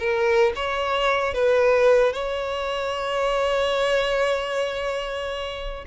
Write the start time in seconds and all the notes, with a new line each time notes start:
0.00 A#4
0.56 C#5
1.34 B4
2.13 C#5